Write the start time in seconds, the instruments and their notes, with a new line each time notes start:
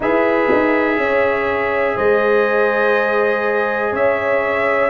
0.00 tuba E4, trombone G#4, horn B4, trumpet E5
0.50 tuba D#4
0.97 tuba C#4, horn C#5
1.96 tuba G#3, horn C5, trumpet D#5
3.92 tuba C#4, horn C#5, trumpet E5